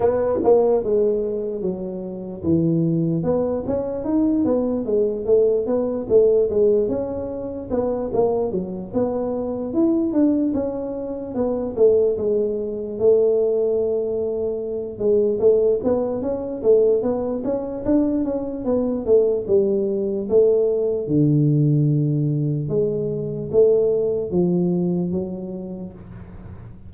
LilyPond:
\new Staff \with { instrumentName = "tuba" } { \time 4/4 \tempo 4 = 74 b8 ais8 gis4 fis4 e4 | b8 cis'8 dis'8 b8 gis8 a8 b8 a8 | gis8 cis'4 b8 ais8 fis8 b4 | e'8 d'8 cis'4 b8 a8 gis4 |
a2~ a8 gis8 a8 b8 | cis'8 a8 b8 cis'8 d'8 cis'8 b8 a8 | g4 a4 d2 | gis4 a4 f4 fis4 | }